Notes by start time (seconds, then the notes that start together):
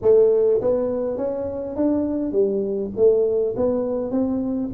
0.02 A3
0.61 B3
1.17 C#4
1.75 D4
2.32 G3
2.96 A3
3.56 B3
4.11 C4